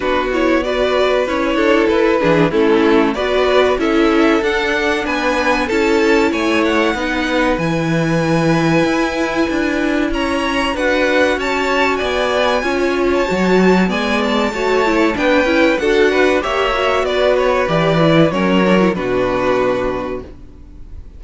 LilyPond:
<<
  \new Staff \with { instrumentName = "violin" } { \time 4/4 \tempo 4 = 95 b'8 cis''8 d''4 cis''4 b'4 | a'4 d''4 e''4 fis''4 | gis''4 a''4 gis''8 fis''4. | gis''1 |
ais''4 fis''4 a''4 gis''4~ | gis''8. a''4~ a''16 gis''8 a''4. | g''4 fis''4 e''4 d''8 cis''8 | d''4 cis''4 b'2 | }
  \new Staff \with { instrumentName = "violin" } { \time 4/4 fis'4 b'4. a'4 gis'8 | e'4 b'4 a'2 | b'4 a'4 cis''4 b'4~ | b'1 |
cis''4 b'4 cis''4 d''4 | cis''2 d''4 cis''4 | b'4 a'8 b'8 cis''4 b'4~ | b'4 ais'4 fis'2 | }
  \new Staff \with { instrumentName = "viola" } { \time 4/4 d'8 e'8 fis'4 e'4. d'8 | cis'4 fis'4 e'4 d'4~ | d'4 e'2 dis'4 | e'1~ |
e'4 fis'2. | f'4 fis'4 b4 fis'8 e'8 | d'8 e'8 fis'4 g'8 fis'4. | g'8 e'8 cis'8 d'16 e'16 d'2 | }
  \new Staff \with { instrumentName = "cello" } { \time 4/4 b2 cis'8 d'8 e'8 e8 | a4 b4 cis'4 d'4 | b4 cis'4 a4 b4 | e2 e'4 d'4 |
cis'4 d'4 cis'4 b4 | cis'4 fis4 gis4 a4 | b8 cis'8 d'4 ais4 b4 | e4 fis4 b,2 | }
>>